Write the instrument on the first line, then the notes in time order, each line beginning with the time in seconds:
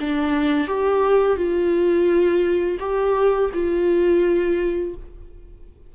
viola
0.00 D4
0.67 G4
1.37 F4
2.79 G4
3.54 F4